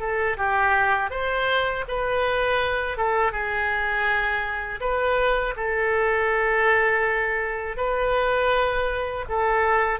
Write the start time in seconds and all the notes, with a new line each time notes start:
0.00 A4
0.37 G4
1.11 C5
1.88 B4
2.98 A4
3.32 G#4
4.81 B4
5.57 A4
7.77 B4
9.29 A4